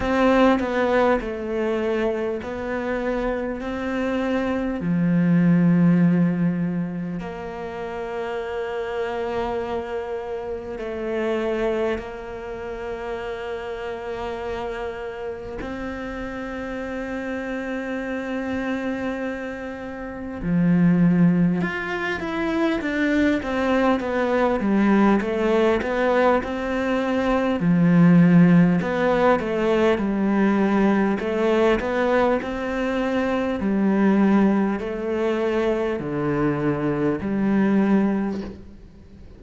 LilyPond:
\new Staff \with { instrumentName = "cello" } { \time 4/4 \tempo 4 = 50 c'8 b8 a4 b4 c'4 | f2 ais2~ | ais4 a4 ais2~ | ais4 c'2.~ |
c'4 f4 f'8 e'8 d'8 c'8 | b8 g8 a8 b8 c'4 f4 | b8 a8 g4 a8 b8 c'4 | g4 a4 d4 g4 | }